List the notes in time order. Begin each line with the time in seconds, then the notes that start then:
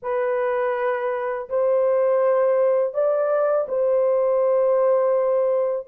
0.02 B4
1.49 C5
2.93 D5
3.68 C5